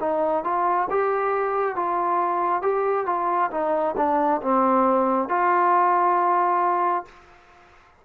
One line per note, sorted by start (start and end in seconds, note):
0.00 0.44 D#4
0.44 0.88 F4
0.90 1.76 G4
1.76 2.62 F4
2.62 3.06 G4
3.06 3.50 F4
3.51 3.95 D#4
3.97 4.41 D4
4.42 5.29 C4
5.29 7.05 F4